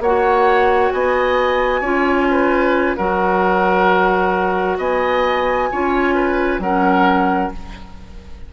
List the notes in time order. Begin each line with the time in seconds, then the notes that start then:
0.00 A#3 F#4 C#5 F#5
0.91 B3 D#5 G#5
1.81 C#4 F4 C#5
2.31 B4
2.97 F#3 F#4 A#4 F#5
4.78 B3 D#5 G#5
5.72 C#4 F4 C#5
6.15 B4
6.59 F#3 C#4 A#4 F#5